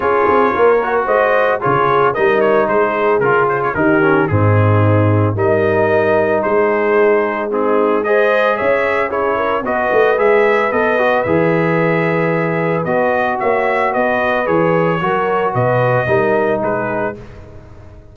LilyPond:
<<
  \new Staff \with { instrumentName = "trumpet" } { \time 4/4 \tempo 4 = 112 cis''2 dis''4 cis''4 | dis''8 cis''8 c''4 ais'8 c''16 cis''16 ais'4 | gis'2 dis''2 | c''2 gis'4 dis''4 |
e''4 cis''4 dis''4 e''4 | dis''4 e''2. | dis''4 e''4 dis''4 cis''4~ | cis''4 dis''2 b'4 | }
  \new Staff \with { instrumentName = "horn" } { \time 4/4 gis'4 ais'4 c''4 gis'4 | ais'4 gis'2 g'4 | dis'2 ais'2 | gis'2 dis'4 c''4 |
cis''4 gis'8 ais'8 b'2~ | b'1~ | b'4 cis''4 b'2 | ais'4 b'4 ais'4 gis'4 | }
  \new Staff \with { instrumentName = "trombone" } { \time 4/4 f'4. fis'4. f'4 | dis'2 f'4 dis'8 cis'8 | c'2 dis'2~ | dis'2 c'4 gis'4~ |
gis'4 e'4 fis'4 gis'4 | a'8 fis'8 gis'2. | fis'2. gis'4 | fis'2 dis'2 | }
  \new Staff \with { instrumentName = "tuba" } { \time 4/4 cis'8 c'8 ais4 gis4 cis4 | g4 gis4 cis4 dis4 | gis,2 g2 | gis1 |
cis'2 b8 a8 gis4 | b4 e2. | b4 ais4 b4 e4 | fis4 b,4 g4 gis4 | }
>>